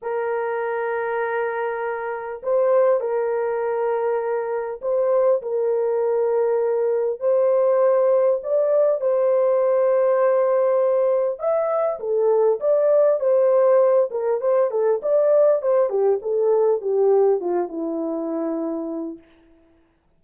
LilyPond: \new Staff \with { instrumentName = "horn" } { \time 4/4 \tempo 4 = 100 ais'1 | c''4 ais'2. | c''4 ais'2. | c''2 d''4 c''4~ |
c''2. e''4 | a'4 d''4 c''4. ais'8 | c''8 a'8 d''4 c''8 g'8 a'4 | g'4 f'8 e'2~ e'8 | }